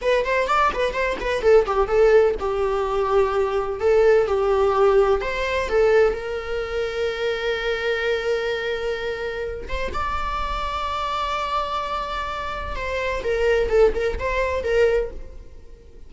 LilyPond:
\new Staff \with { instrumentName = "viola" } { \time 4/4 \tempo 4 = 127 b'8 c''8 d''8 b'8 c''8 b'8 a'8 g'8 | a'4 g'2. | a'4 g'2 c''4 | a'4 ais'2.~ |
ais'1~ | ais'8 c''8 d''2.~ | d''2. c''4 | ais'4 a'8 ais'8 c''4 ais'4 | }